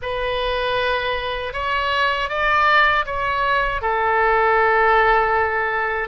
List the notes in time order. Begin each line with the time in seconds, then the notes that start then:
0.01 B4
1.53 C#5
2.29 D5
3.05 C#5
3.81 A4